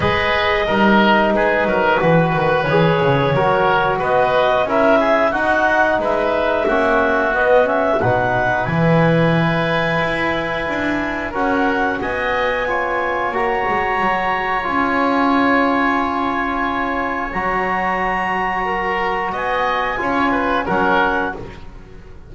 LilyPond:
<<
  \new Staff \with { instrumentName = "clarinet" } { \time 4/4 \tempo 4 = 90 dis''2 b'2 | cis''2 dis''4 e''4 | fis''4 e''2 dis''8 e''8 | fis''4 gis''2.~ |
gis''4 fis''4 gis''2 | ais''2 gis''2~ | gis''2 ais''2~ | ais''4 gis''2 fis''4 | }
  \new Staff \with { instrumentName = "oboe" } { \time 4/4 b'4 ais'4 gis'8 ais'8 b'4~ | b'4 ais'4 b'4 ais'8 gis'8 | fis'4 b'4 fis'2 | b'1~ |
b'4 ais'4 dis''4 cis''4~ | cis''1~ | cis''1 | ais'4 dis''4 cis''8 b'8 ais'4 | }
  \new Staff \with { instrumentName = "trombone" } { \time 4/4 gis'4 dis'2 fis'4 | gis'4 fis'2 e'4 | dis'2 cis'4 b8 cis'8 | dis'4 e'2.~ |
e'4 fis'2 f'4 | fis'2 f'2~ | f'2 fis'2~ | fis'2 f'4 cis'4 | }
  \new Staff \with { instrumentName = "double bass" } { \time 4/4 gis4 g4 gis8 fis8 e8 dis8 | e8 cis8 fis4 b4 cis'4 | dis'4 gis4 ais4 b4 | b,4 e2 e'4 |
d'4 cis'4 b2 | ais8 gis8 fis4 cis'2~ | cis'2 fis2~ | fis4 b4 cis'4 fis4 | }
>>